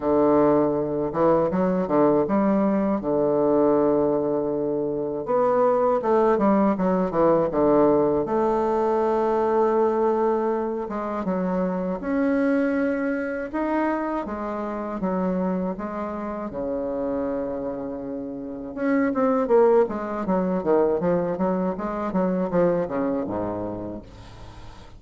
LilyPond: \new Staff \with { instrumentName = "bassoon" } { \time 4/4 \tempo 4 = 80 d4. e8 fis8 d8 g4 | d2. b4 | a8 g8 fis8 e8 d4 a4~ | a2~ a8 gis8 fis4 |
cis'2 dis'4 gis4 | fis4 gis4 cis2~ | cis4 cis'8 c'8 ais8 gis8 fis8 dis8 | f8 fis8 gis8 fis8 f8 cis8 gis,4 | }